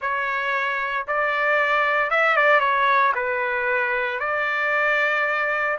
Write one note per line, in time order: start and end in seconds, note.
0.01 1.06 C#5
1.07 2.10 D5
2.10 2.36 E5
2.36 2.60 D5
2.60 3.12 C#5
3.14 4.19 B4
4.19 5.77 D5